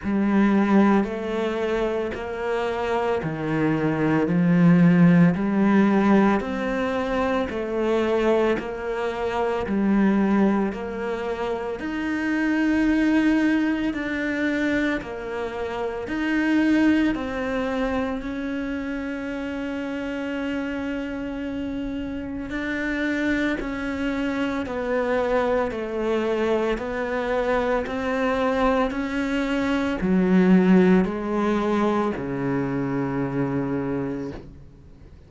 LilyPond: \new Staff \with { instrumentName = "cello" } { \time 4/4 \tempo 4 = 56 g4 a4 ais4 dis4 | f4 g4 c'4 a4 | ais4 g4 ais4 dis'4~ | dis'4 d'4 ais4 dis'4 |
c'4 cis'2.~ | cis'4 d'4 cis'4 b4 | a4 b4 c'4 cis'4 | fis4 gis4 cis2 | }